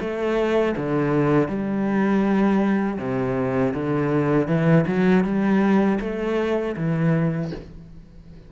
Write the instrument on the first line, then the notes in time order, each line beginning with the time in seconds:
cello
0.00 A3
0.77 D3
1.48 G3
2.98 C3
3.74 D3
4.48 E3
4.87 F#3
5.24 G3
6.00 A3
6.76 E3